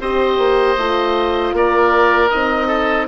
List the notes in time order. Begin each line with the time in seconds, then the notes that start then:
0.00 C4 G4 C5 D#5
0.38 A#3
0.76 A3 F4
1.53 A#3 A#4 D5
2.30 C4 D#4 D#5
2.67 A4